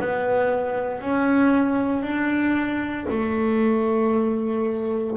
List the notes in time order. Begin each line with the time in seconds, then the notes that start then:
0.00 B3
1.02 C#4
2.03 D4
3.10 A3